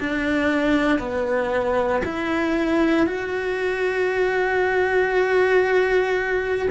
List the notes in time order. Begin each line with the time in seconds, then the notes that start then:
0.00 D4
0.99 B3
2.05 E4
3.07 F#4